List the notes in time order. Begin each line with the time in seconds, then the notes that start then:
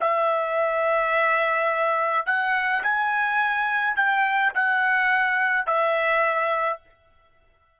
0.00 E5
2.26 F#5
2.83 G#5
3.96 G5
4.54 F#5
5.66 E5